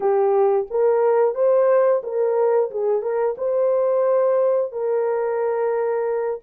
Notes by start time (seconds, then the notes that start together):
0.00 G4
0.70 A#4
1.34 C5
2.03 A#4
2.70 G#4
3.02 A#4
3.37 C5
4.72 A#4